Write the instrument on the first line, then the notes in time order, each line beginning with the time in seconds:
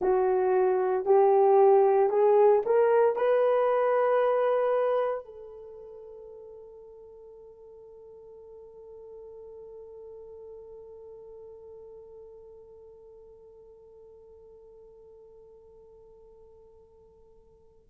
horn
0.00 F#4
1.05 G4
2.09 G#4
2.66 A#4
3.16 B4
5.24 A4